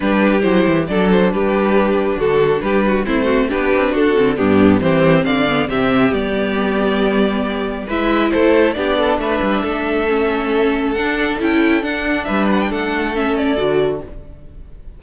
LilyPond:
<<
  \new Staff \with { instrumentName = "violin" } { \time 4/4 \tempo 4 = 137 b'4 c''4 d''8 c''8 b'4~ | b'4 a'4 b'4 c''4 | b'4 a'4 g'4 c''4 | f''4 e''4 d''2~ |
d''2 e''4 c''4 | d''4 e''2.~ | e''4 fis''4 g''4 fis''4 | e''8 fis''16 g''16 fis''4 e''8 d''4. | }
  \new Staff \with { instrumentName = "violin" } { \time 4/4 g'2 a'4 g'4~ | g'4 fis'4 g'8 fis'8 e'8 fis'8 | g'4 fis'4 d'4 g'4 | d''4 g'2.~ |
g'2 b'4 a'4 | g'8 a'8 b'4 a'2~ | a'1 | b'4 a'2. | }
  \new Staff \with { instrumentName = "viola" } { \time 4/4 d'4 e'4 d'2~ | d'2. c'4 | d'4. c'8 b4 c'4~ | c'8 b8 c'4 b2~ |
b2 e'2 | d'2. cis'4~ | cis'4 d'4 e'4 d'4~ | d'2 cis'4 fis'4 | }
  \new Staff \with { instrumentName = "cello" } { \time 4/4 g4 fis8 e8 fis4 g4~ | g4 d4 g4 a4 | b8 c'8 d'8 d8 g,4 e4 | d4 c4 g2~ |
g2 gis4 a4 | b4 a8 g8 a2~ | a4 d'4 cis'4 d'4 | g4 a2 d4 | }
>>